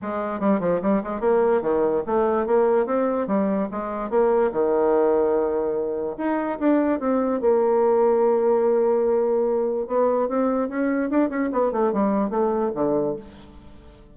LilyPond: \new Staff \with { instrumentName = "bassoon" } { \time 4/4 \tempo 4 = 146 gis4 g8 f8 g8 gis8 ais4 | dis4 a4 ais4 c'4 | g4 gis4 ais4 dis4~ | dis2. dis'4 |
d'4 c'4 ais2~ | ais1 | b4 c'4 cis'4 d'8 cis'8 | b8 a8 g4 a4 d4 | }